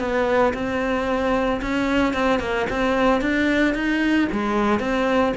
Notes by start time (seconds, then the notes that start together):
0.00 B3
0.54 C4
1.62 C#4
2.14 C4
2.40 A#3
2.70 C4
3.22 D4
3.75 D#4
4.32 G#3
4.80 C4